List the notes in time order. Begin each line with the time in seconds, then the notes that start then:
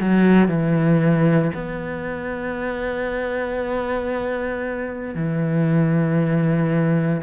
0.00 F#3
0.48 E3
1.54 B3
5.15 E3